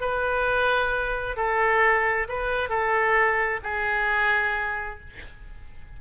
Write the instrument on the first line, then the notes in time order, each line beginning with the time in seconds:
oboe
0.00 B4
1.36 A4
2.28 B4
2.69 A4
3.63 G#4